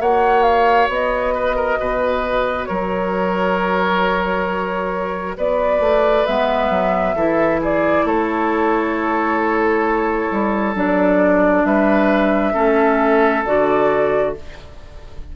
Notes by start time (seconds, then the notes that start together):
0.00 A#3 F#4 C#5 F#5
0.43 F5
0.89 B3 D#5
1.35 B4
1.56 A#4
1.80 B2 B4
2.66 F#3 A#4 C#5
5.38 B3 B4 D5
5.80 A3
6.26 G#3 B3 E5
6.70 F#3
7.15 E3 E4 A4
7.61 G#4 D5
8.04 A3 A4 C#5
10.32 G3
10.75 F#3 D4 D5
11.65 G3 B4 E5
12.54 A3 C#4 A4
13.45 D3 F#4 D5